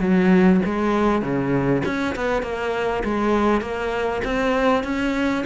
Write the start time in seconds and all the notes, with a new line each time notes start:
0.00 F#3
0.65 G#3
1.21 C#3
1.85 C#4
2.15 B3
2.42 A#3
3.04 G#3
3.61 A#3
4.24 C4
4.83 C#4